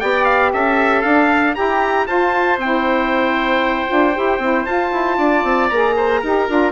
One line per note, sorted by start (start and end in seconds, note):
0.00 0.54 B3
0.00 1.03 G4
0.00 0.53 D5
0.00 0.26 G5
0.26 0.51 F5
0.54 1.05 C#4
0.54 1.57 A4
0.54 1.03 E5
1.03 1.56 D4
1.03 1.54 F5
1.55 2.07 E4
1.55 2.07 G4
1.55 2.09 G4
1.55 2.07 A#5
2.07 2.58 F4
2.07 2.59 F4
2.07 5.18 C5
2.07 2.59 A5
2.58 3.87 C4
2.58 3.88 E4
2.58 4.66 G5
3.88 4.18 D4
3.88 4.13 F4
4.14 4.39 E4
4.14 4.40 G4
4.39 4.65 C4
4.39 4.67 E4
4.66 4.92 F4
4.66 5.71 F4
4.66 5.70 A5
4.92 5.18 E4
5.18 5.44 D4
5.18 5.96 D5
5.44 5.70 C4
5.70 6.23 A#3
5.70 6.24 G#4
5.70 6.73 A#5
5.97 6.21 C5
6.21 6.49 D#4
6.21 6.49 G4
6.21 6.73 A#4
6.49 6.73 D4
6.49 6.73 F4